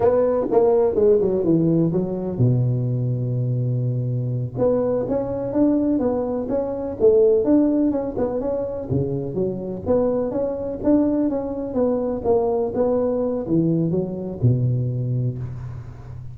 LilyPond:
\new Staff \with { instrumentName = "tuba" } { \time 4/4 \tempo 4 = 125 b4 ais4 gis8 fis8 e4 | fis4 b,2.~ | b,4. b4 cis'4 d'8~ | d'8 b4 cis'4 a4 d'8~ |
d'8 cis'8 b8 cis'4 cis4 fis8~ | fis8 b4 cis'4 d'4 cis'8~ | cis'8 b4 ais4 b4. | e4 fis4 b,2 | }